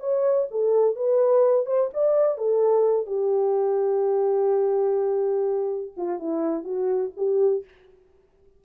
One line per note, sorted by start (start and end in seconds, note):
0.00 0.48 C#5
0.51 0.96 A4
0.96 1.66 B4
1.66 1.90 C5
1.94 2.38 D5
2.38 3.06 A4
3.06 5.92 G4
5.97 6.19 F4
6.19 6.64 E4
6.64 7.12 F#4
7.17 7.65 G4